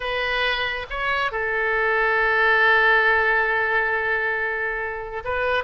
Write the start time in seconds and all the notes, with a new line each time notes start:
0.00 B4
0.90 C#5
1.31 A4
5.24 B4